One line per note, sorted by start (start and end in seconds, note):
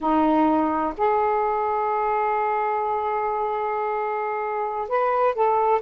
0.01 0.94 D#4
0.97 4.88 G#4
4.88 5.34 B4
5.34 5.81 A4